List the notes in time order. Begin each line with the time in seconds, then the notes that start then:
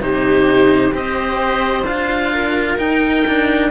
0.00 C3 D#4 G4 C5
0.91 C4 G4 C5 D#5
1.84 D4 F4 F5
2.33 A#4
2.78 D#4 G5
3.27 D4